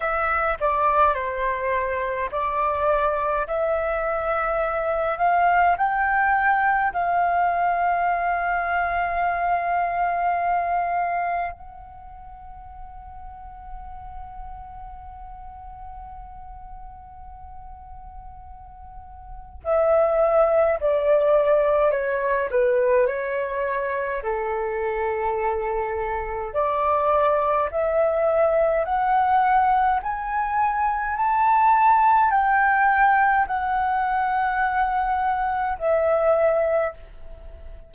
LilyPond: \new Staff \with { instrumentName = "flute" } { \time 4/4 \tempo 4 = 52 e''8 d''8 c''4 d''4 e''4~ | e''8 f''8 g''4 f''2~ | f''2 fis''2~ | fis''1~ |
fis''4 e''4 d''4 cis''8 b'8 | cis''4 a'2 d''4 | e''4 fis''4 gis''4 a''4 | g''4 fis''2 e''4 | }